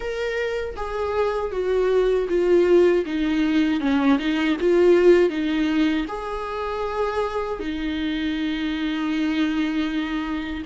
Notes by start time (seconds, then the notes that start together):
0.00 A#4
0.76 G#4
1.51 F#4
2.29 F4
3.06 D#4
3.80 C#4
4.18 D#4
4.60 F4
5.29 D#4
6.08 G#4
7.59 D#4